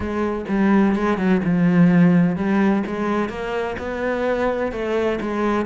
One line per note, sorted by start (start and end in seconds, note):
0.00 0.45 G#3
0.48 0.95 G3
0.95 1.17 G#3
1.17 1.41 F#3
1.44 2.35 F3
2.35 2.83 G3
2.86 3.29 G#3
3.29 3.76 A#3
3.78 4.71 B3
4.71 5.19 A3
5.21 5.65 G#3